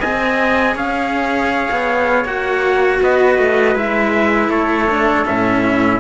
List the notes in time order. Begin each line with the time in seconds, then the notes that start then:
0.00 C4 G#4 D#5 G#5
0.75 C#4 C#5 F5
1.71 B3
2.25 A#3 F#4 F#5
3.02 B3 B4 D#5
3.39 A3
3.75 G#3 E4 E5
4.49 A3 A4 C#5
4.90 D4
5.25 A2 C#4 E5
5.64 E4